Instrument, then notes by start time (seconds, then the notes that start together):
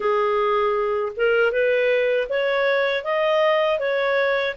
clarinet
0.00 G#4
1.16 A#4
1.52 B4
2.29 C#5
3.04 D#5
3.79 C#5